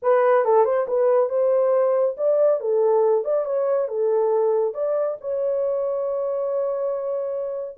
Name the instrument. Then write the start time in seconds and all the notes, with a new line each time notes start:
horn
0.02 B4
0.44 A4
0.65 C5
0.87 B4
1.29 C5
2.17 D5
2.60 A4
3.24 D5
3.45 C#5
3.87 A4
4.74 D5
5.20 C#5